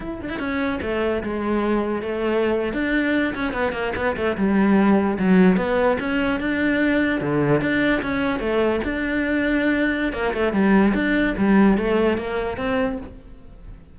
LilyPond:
\new Staff \with { instrumentName = "cello" } { \time 4/4 \tempo 4 = 148 e'8 d'16 e'16 cis'4 a4 gis4~ | gis4 a4.~ a16 d'4~ d'16~ | d'16 cis'8 b8 ais8 b8 a8 g4~ g16~ | g8. fis4 b4 cis'4 d'16~ |
d'4.~ d'16 d4 d'4 cis'16~ | cis'8. a4 d'2~ d'16~ | d'4 ais8 a8 g4 d'4 | g4 a4 ais4 c'4 | }